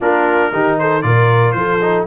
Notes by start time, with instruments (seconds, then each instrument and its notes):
0.00 tuba A#3, trombone D4, horn F4, trumpet A#4
0.52 tuba D#3, trombone D#4, horn G4
0.78 horn A4, trumpet C5
1.02 tuba A#2, trombone F4, horn A#4, trumpet D5
1.51 tuba F3, horn A4, trumpet C5
1.81 trombone D#4